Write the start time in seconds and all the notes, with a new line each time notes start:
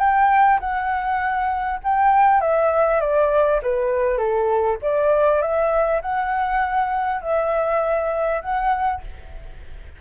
0.00 G5
0.60 F#5
1.84 G5
2.41 E5
3.01 D5
3.63 B4
4.18 A4
4.82 D5
5.42 E5
6.02 F#5
7.22 E5
8.42 F#5